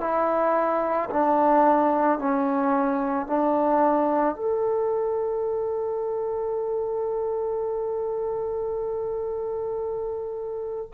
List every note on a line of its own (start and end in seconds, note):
0.00 1.09 E4
1.10 2.19 D4
2.19 3.27 C#4
3.27 4.35 D4
4.35 10.90 A4